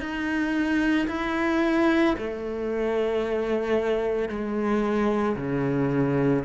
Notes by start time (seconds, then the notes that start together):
0.00 D#4
1.07 E4
2.17 A3
4.29 G#3
5.36 C#3